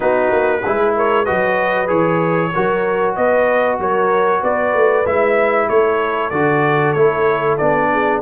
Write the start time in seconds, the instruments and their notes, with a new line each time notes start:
0.00 tuba B3, trombone D#4, horn F#4, trumpet B4
0.31 tuba A#3
0.63 tuba G#3, trombone E4, horn G#4
0.96 horn A#4, trumpet C#5
1.24 tuba F#3, trombone F#4, horn B4, trumpet D#5
1.87 tuba E3, trombone G#4, trumpet C#5
2.53 tuba F#3, trombone F#4, horn A#4
3.15 tuba B3, horn B4, trumpet D#5
3.79 tuba F#3, horn A#4, trumpet C#5
4.40 tuba B3, horn B4, trumpet D5
4.73 tuba A3
5.05 tuba G#3, trombone E4, trumpet E5
5.69 tuba A3, horn A4, trumpet C#5
6.30 tuba D3, trombone F#4, trumpet D5
6.92 tuba A3, trombone E4, trumpet C#5
7.57 tuba B3, trombone D4, trumpet D5
7.91 horn G#4